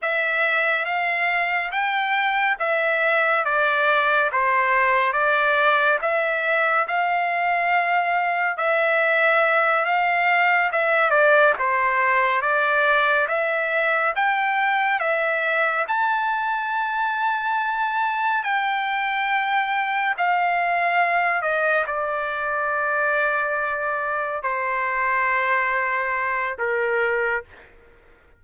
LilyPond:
\new Staff \with { instrumentName = "trumpet" } { \time 4/4 \tempo 4 = 70 e''4 f''4 g''4 e''4 | d''4 c''4 d''4 e''4 | f''2 e''4. f''8~ | f''8 e''8 d''8 c''4 d''4 e''8~ |
e''8 g''4 e''4 a''4.~ | a''4. g''2 f''8~ | f''4 dis''8 d''2~ d''8~ | d''8 c''2~ c''8 ais'4 | }